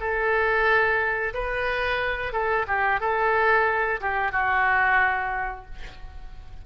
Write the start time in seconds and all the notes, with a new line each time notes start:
0.00 A4
1.34 B4
2.32 A4
2.68 G4
3.00 A4
4.01 G4
4.32 F#4